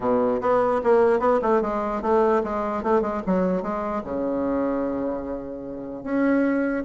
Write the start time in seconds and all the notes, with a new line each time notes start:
0.00 B2
0.41 B3
0.83 A#3
1.19 B3
1.42 A3
1.61 G#3
2.02 A3
2.43 G#3
2.83 A3
3.01 G#3
3.26 F#3
3.62 G#3
4.03 C#3
6.03 C#4